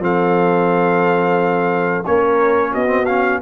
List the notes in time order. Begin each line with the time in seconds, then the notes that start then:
0.00 F3 C4 A4 F5
2.06 A#3 C#4 A#4 C#5
2.72 B3 F#4 D#5
2.87 C4
3.06 C#4 F5